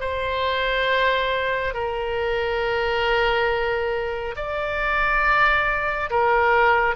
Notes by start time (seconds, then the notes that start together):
0.00 C5
1.74 A#4
4.36 D5
6.10 A#4